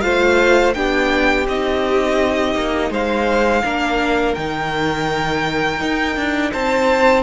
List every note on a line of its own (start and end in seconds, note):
0.00 0.75 A3
0.00 0.74 F4
0.00 0.75 C5
0.00 0.72 F5
0.73 1.47 B3
0.73 1.47 D4
0.73 2.90 G4
0.73 1.46 G5
1.47 2.54 C4
1.47 3.64 D#4
1.47 2.92 D#5
2.54 2.90 A#3
2.90 3.62 G#3
2.90 3.63 C5
2.90 4.34 F5
3.64 4.36 A#3
3.64 4.36 D4
3.64 6.51 A#4
4.34 5.80 D#3
4.34 7.22 D#4
4.34 6.51 G5
5.80 6.16 D#4
6.16 6.52 D4
6.51 7.22 C4
6.51 7.22 C5
6.51 7.22 A5